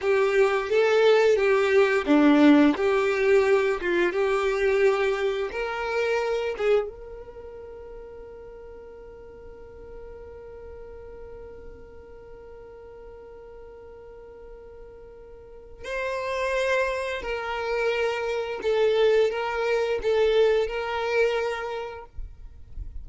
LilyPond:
\new Staff \with { instrumentName = "violin" } { \time 4/4 \tempo 4 = 87 g'4 a'4 g'4 d'4 | g'4. f'8 g'2 | ais'4. gis'8 ais'2~ | ais'1~ |
ais'1~ | ais'2. c''4~ | c''4 ais'2 a'4 | ais'4 a'4 ais'2 | }